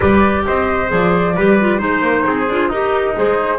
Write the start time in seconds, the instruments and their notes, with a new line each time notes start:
0.00 double bass G3, clarinet G4, trumpet B4, flute D5
0.46 double bass C4, trumpet C5, flute D#5
0.88 double bass F3, clarinet G#4, flute D5
1.35 double bass G3, clarinet G4, trumpet B4
1.60 clarinet F4
1.78 double bass G#3, clarinet D#4, trumpet C5, flute C5
2.01 double bass A#3
2.26 double bass C4, trumpet G#4
2.48 double bass D4, clarinet F4
2.69 trumpet D#4, double bass D#4, clarinet G4, flute A#4
3.14 double bass G#3, clarinet G#4, flute C5